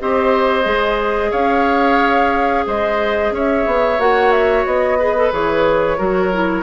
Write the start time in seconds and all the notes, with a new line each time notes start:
0.00 C4 G4 C5 D#5
0.63 G#3 G#4
1.31 C#4 C#5 F5
2.67 G#3 C5 D#5
3.31 C#4 C#5 E5
3.66 B3
3.98 A#3 F#4 F#5
4.32 E5
4.65 B3 D#5
4.99 G#4 B4
5.17 A4
5.32 E3 G#4 C#5
5.98 F#3 F#4 A#4
6.33 E4